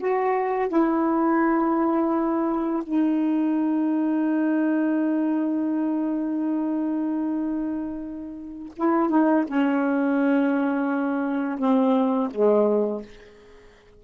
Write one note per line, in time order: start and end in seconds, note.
0.00 0.69 F#4
0.69 2.83 E4
2.83 8.73 D#4
8.77 9.10 E4
9.10 9.45 D#4
9.48 11.59 C#4
11.59 12.31 C4
12.31 13.02 G#3